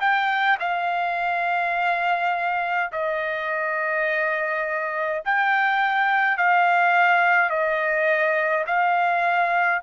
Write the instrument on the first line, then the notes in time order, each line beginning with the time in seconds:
trumpet
0.00 G5
0.60 F5
2.92 D#5
5.25 G5
6.38 F5
7.49 D#5
8.66 F5